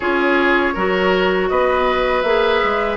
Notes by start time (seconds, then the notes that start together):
0.00 C#4 F4 G#4 C#5
0.74 F#3 F#4 A#4
1.49 B3 B4 D#5
2.22 A#3 G#4 E5
2.63 G#3